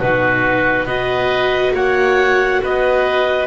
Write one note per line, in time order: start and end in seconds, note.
0.00 0.86 B2
0.00 0.87 D#4
0.00 0.86 F#4
0.00 0.87 B4
0.86 1.72 B3
0.86 3.47 F#4
0.86 1.73 B4
0.86 1.74 D#5
1.74 2.61 A#3
1.74 2.62 C#5
1.74 2.63 F#5
2.63 3.47 B3
2.63 3.47 B4
2.63 3.47 D#5